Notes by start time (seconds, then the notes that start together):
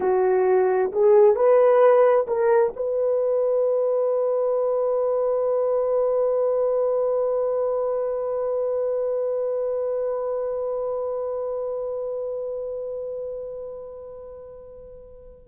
0.00 F#4
0.92 G#4
1.35 B4
2.27 A#4
2.76 B4